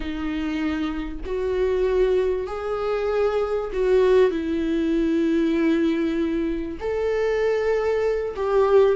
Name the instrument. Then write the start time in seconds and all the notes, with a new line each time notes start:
viola
0.00 D#4
1.25 F#4
2.47 G#4
3.73 F#4
4.30 E4
6.80 A4
8.35 G4